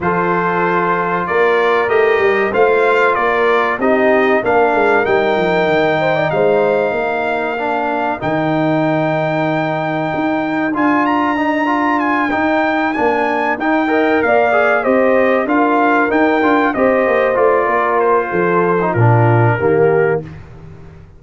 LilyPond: <<
  \new Staff \with { instrumentName = "trumpet" } { \time 4/4 \tempo 4 = 95 c''2 d''4 dis''4 | f''4 d''4 dis''4 f''4 | g''2 f''2~ | f''4 g''2.~ |
g''4 gis''8 ais''4. gis''8 g''8~ | g''8 gis''4 g''4 f''4 dis''8~ | dis''8 f''4 g''4 dis''4 d''8~ | d''8 c''4. ais'2 | }
  \new Staff \with { instrumentName = "horn" } { \time 4/4 a'2 ais'2 | c''4 ais'4 g'4 ais'4~ | ais'4. c''16 d''16 c''4 ais'4~ | ais'1~ |
ais'1~ | ais'2 dis''8 d''4 c''8~ | c''8 ais'2 c''4. | ais'4 a'4 f'4 g'4 | }
  \new Staff \with { instrumentName = "trombone" } { \time 4/4 f'2. g'4 | f'2 dis'4 d'4 | dis'1 | d'4 dis'2.~ |
dis'4 f'4 dis'8 f'4 dis'8~ | dis'8 d'4 dis'8 ais'4 gis'8 g'8~ | g'8 f'4 dis'8 f'8 g'4 f'8~ | f'4.~ f'16 dis'16 d'4 ais4 | }
  \new Staff \with { instrumentName = "tuba" } { \time 4/4 f2 ais4 a8 g8 | a4 ais4 c'4 ais8 gis8 | g8 f8 dis4 gis4 ais4~ | ais4 dis2. |
dis'4 d'2~ d'8 dis'8~ | dis'8 ais4 dis'4 ais4 c'8~ | c'8 d'4 dis'8 d'8 c'8 ais8 a8 | ais4 f4 ais,4 dis4 | }
>>